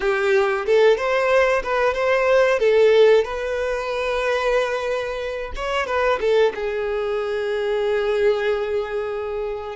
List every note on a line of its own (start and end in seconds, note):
0.00 0.65 G4
0.66 0.97 A4
0.97 1.62 C5
1.63 1.94 B4
1.94 2.59 C5
2.59 3.24 A4
3.24 5.52 B4
5.55 5.86 C#5
5.86 6.19 B4
6.20 6.52 A4
6.54 9.76 G#4